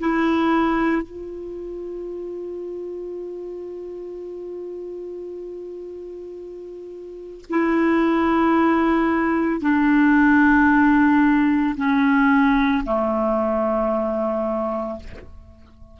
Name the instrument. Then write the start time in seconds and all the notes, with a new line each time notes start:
clarinet
0.00 E4
1.02 F4
7.50 E4
9.61 D4
11.77 C#4
12.85 A3